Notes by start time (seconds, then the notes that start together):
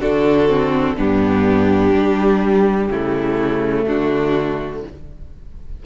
0.00 D3 D4 F#4 A4
0.49 C4
0.96 G2 B3 D4 G4
1.93 G3
2.89 C#3 A3 E4
3.86 D3 D4 F#4